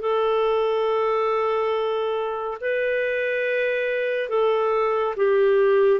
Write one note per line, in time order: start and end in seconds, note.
0.00 2.57 A4
2.61 4.29 B4
4.29 5.15 A4
5.16 6.00 G4